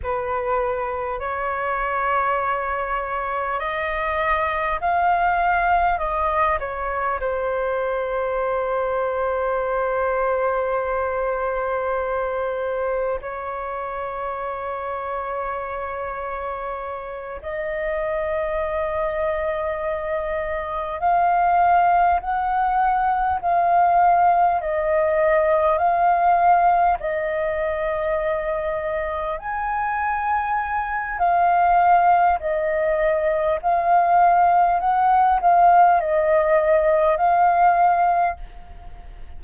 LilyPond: \new Staff \with { instrumentName = "flute" } { \time 4/4 \tempo 4 = 50 b'4 cis''2 dis''4 | f''4 dis''8 cis''8 c''2~ | c''2. cis''4~ | cis''2~ cis''8 dis''4.~ |
dis''4. f''4 fis''4 f''8~ | f''8 dis''4 f''4 dis''4.~ | dis''8 gis''4. f''4 dis''4 | f''4 fis''8 f''8 dis''4 f''4 | }